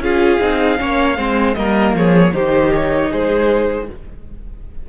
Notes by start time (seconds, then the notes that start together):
0.00 C#4 F4 G#4 F5
0.40 C4 D#4
0.78 A#3 C#4 C#5
1.17 G#3 C4 C5
1.54 G3 A#3 A#4 D#5
1.94 F3 G#4 C#5
2.33 D#3 D#4 G4 C5
2.74 C#5
3.11 G#3 G#4 C5